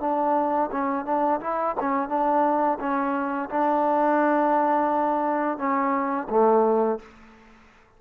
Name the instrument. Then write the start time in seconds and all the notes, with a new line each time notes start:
trombone
0.00 D4
0.71 C#4
1.05 D4
1.40 E4
1.80 C#4
2.09 D4
2.80 C#4
3.50 D4
5.58 C#4
6.29 A3